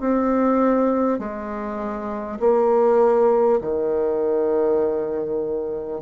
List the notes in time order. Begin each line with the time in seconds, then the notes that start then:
0.00 C4
1.18 G#3
2.39 A#3
3.61 D#3